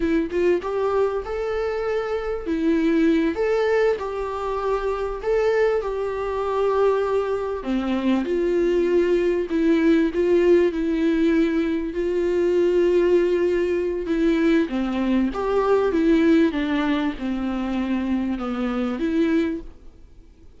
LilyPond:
\new Staff \with { instrumentName = "viola" } { \time 4/4 \tempo 4 = 98 e'8 f'8 g'4 a'2 | e'4. a'4 g'4.~ | g'8 a'4 g'2~ g'8~ | g'8 c'4 f'2 e'8~ |
e'8 f'4 e'2 f'8~ | f'2. e'4 | c'4 g'4 e'4 d'4 | c'2 b4 e'4 | }